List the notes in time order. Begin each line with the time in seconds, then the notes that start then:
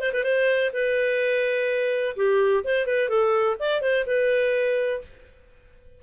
0.00 C5
0.13 B4
0.24 C5
0.73 B4
2.16 G4
2.64 C5
2.86 B4
3.09 A4
3.60 D5
3.81 C5
4.06 B4